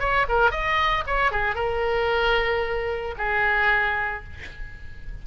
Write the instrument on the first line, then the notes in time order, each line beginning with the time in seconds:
oboe
0.00 C#5
0.29 A#4
0.51 D#5
1.07 C#5
1.32 G#4
1.55 A#4
3.18 G#4